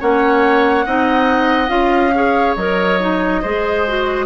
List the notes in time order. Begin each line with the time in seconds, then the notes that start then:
0.00 A#3 C#4 C#5 F#5
0.86 C4 D#4 D#5
1.68 C#4 F4 F5
2.14 G#4 C#5
2.56 F#3 A#4 D#5
3.00 D#4
3.42 G#3 G#4 C5
3.87 F#4